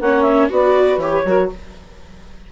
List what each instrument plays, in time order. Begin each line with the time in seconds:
0.00 bassoon A#3, viola C#4, saxophone C#5, clarinet F#5
0.22 clarinet E5
0.50 bassoon B3, viola F#4, saxophone B4, clarinet D5
0.98 bassoon E3, viola G4, clarinet C#5
1.25 bassoon F#3, viola F#4, saxophone A#4